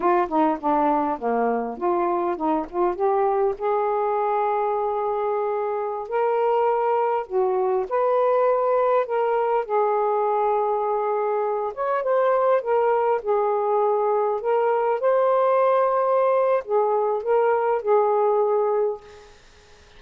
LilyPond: \new Staff \with { instrumentName = "saxophone" } { \time 4/4 \tempo 4 = 101 f'8 dis'8 d'4 ais4 f'4 | dis'8 f'8 g'4 gis'2~ | gis'2~ gis'16 ais'4.~ ais'16~ | ais'16 fis'4 b'2 ais'8.~ |
ais'16 gis'2.~ gis'8 cis''16~ | cis''16 c''4 ais'4 gis'4.~ gis'16~ | gis'16 ais'4 c''2~ c''8. | gis'4 ais'4 gis'2 | }